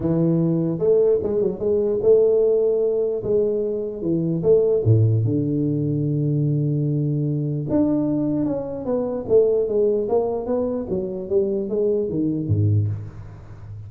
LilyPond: \new Staff \with { instrumentName = "tuba" } { \time 4/4 \tempo 4 = 149 e2 a4 gis8 fis8 | gis4 a2. | gis2 e4 a4 | a,4 d2.~ |
d2. d'4~ | d'4 cis'4 b4 a4 | gis4 ais4 b4 fis4 | g4 gis4 dis4 gis,4 | }